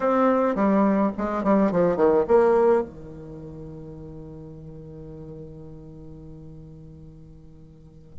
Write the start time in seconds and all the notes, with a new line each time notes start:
0.00 C4
0.55 G3
1.17 G#3
1.43 G3
1.71 F3
1.96 D#3
2.27 A#3
2.82 D#3